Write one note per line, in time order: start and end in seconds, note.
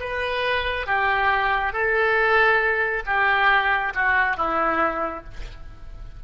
0.00 0.87 B4
0.87 1.73 G4
1.73 3.03 A4
3.06 3.93 G4
3.94 4.37 F#4
4.37 5.24 E4